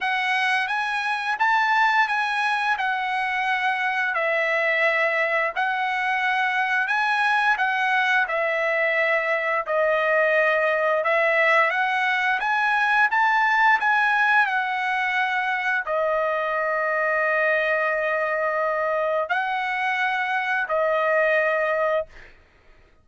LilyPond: \new Staff \with { instrumentName = "trumpet" } { \time 4/4 \tempo 4 = 87 fis''4 gis''4 a''4 gis''4 | fis''2 e''2 | fis''2 gis''4 fis''4 | e''2 dis''2 |
e''4 fis''4 gis''4 a''4 | gis''4 fis''2 dis''4~ | dis''1 | fis''2 dis''2 | }